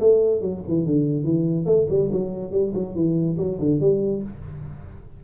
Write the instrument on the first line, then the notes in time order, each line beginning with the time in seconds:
tuba
0.00 A3
0.41 F#3
0.68 E3
0.86 D3
1.24 E3
1.66 A3
1.89 G3
2.12 F#3
2.52 G3
2.74 F#3
2.95 E3
3.38 F#3
3.59 D3
3.80 G3